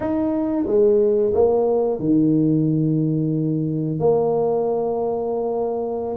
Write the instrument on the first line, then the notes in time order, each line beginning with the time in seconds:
tuba
0.00 D#4
0.66 G#3
1.33 A#3
1.99 D#3
3.99 A#3